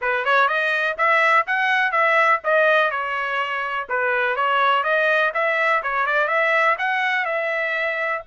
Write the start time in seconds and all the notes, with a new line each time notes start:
0.01 B4
0.24 C#5
0.48 D#5
0.97 E5
1.46 F#5
1.91 E5
2.44 D#5
2.91 C#5
3.89 B4
4.35 C#5
4.83 D#5
5.34 E5
5.82 C#5
6.06 D5
6.27 E5
6.78 F#5
7.25 E5